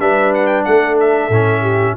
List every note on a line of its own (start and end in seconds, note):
0.00 0.65 G3
0.00 1.31 D4
0.00 0.66 B4
0.00 0.33 E5
0.35 0.47 F#5
0.47 0.63 G5
0.65 1.30 A3
0.65 1.61 A4
0.65 0.98 F#5
1.00 1.97 E5
1.30 1.95 A2
1.30 1.97 C#4
1.61 1.94 G4